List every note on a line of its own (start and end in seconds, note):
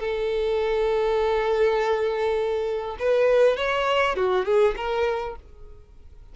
0.00 2.97 A4
2.99 3.57 B4
3.57 4.16 C#5
4.16 4.45 F#4
4.45 4.75 G#4
4.77 5.36 A#4